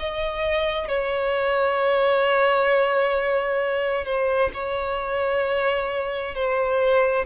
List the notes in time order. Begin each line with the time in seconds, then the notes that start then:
0.00 D#5
0.89 C#5
4.05 C5
4.54 C#5
6.35 C5